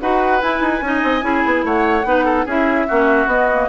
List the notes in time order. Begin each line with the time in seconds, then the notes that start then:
0.00 D#4 F#4 B4 F#5
0.41 E4 G#5
0.60 D#4
0.81 C#4 D#4 D#5
1.03 C4
1.21 C#4 E4 G#4
1.45 B3
1.64 A3 C#5 F#5
2.04 B3 D#4 B4
2.25 A4
2.45 C#4 E4 G#4 E5
2.87 A#3 C#4 F#4
3.26 B3 D#5
3.52 A#3